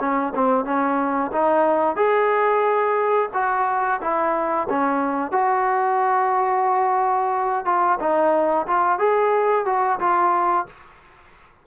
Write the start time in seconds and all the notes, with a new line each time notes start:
0.00 C#4
0.35 C4
0.65 C#4
1.32 D#4
1.96 G#4
3.34 F#4
4.01 E4
4.69 C#4
5.32 F#4
7.65 F4
8.00 D#4
8.67 F4
8.99 G#4
9.66 F#4
10.00 F4